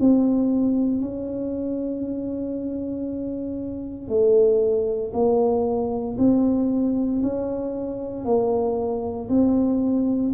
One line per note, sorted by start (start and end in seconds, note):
0.00 1.01 C4
1.01 4.09 C#4
4.09 5.12 A3
5.13 6.17 A#3
6.18 7.22 C4
7.23 8.25 C#4
8.25 9.29 A#3
9.29 10.32 C4